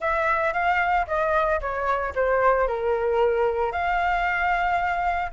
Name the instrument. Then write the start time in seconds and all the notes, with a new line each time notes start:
flute
0.00 E5
0.53 F5
1.07 D#5
1.60 C#5
2.15 C5
2.67 A#4
3.72 F5